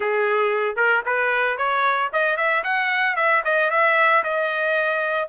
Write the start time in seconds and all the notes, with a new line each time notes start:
0.00 G#4
0.76 A#4
1.05 B4
1.57 C#5
2.12 D#5
2.37 E5
2.63 F#5
3.16 E5
3.44 D#5
3.70 E5
4.23 D#5